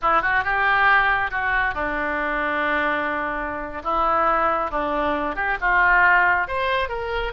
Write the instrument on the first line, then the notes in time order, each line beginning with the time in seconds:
oboe
0.02 E4
0.22 F#4
0.44 G4
1.30 F#4
1.74 D4
3.83 E4
4.70 D4
5.35 G4
5.60 F4
6.47 C5
6.88 A#4